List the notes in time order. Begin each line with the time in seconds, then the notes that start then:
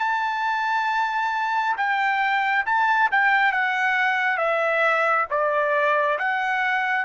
0.00 A5
1.77 G5
2.66 A5
3.11 G5
3.53 F#5
4.38 E5
5.30 D5
6.19 F#5